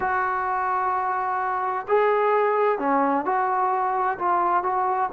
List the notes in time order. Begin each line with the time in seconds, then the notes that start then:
0.00 F#4
1.87 G#4
2.78 C#4
3.25 F#4
4.18 F4
4.63 F#4